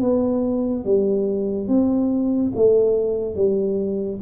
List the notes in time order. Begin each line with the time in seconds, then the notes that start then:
0.00 B3
0.84 G3
1.67 C4
2.55 A3
3.35 G3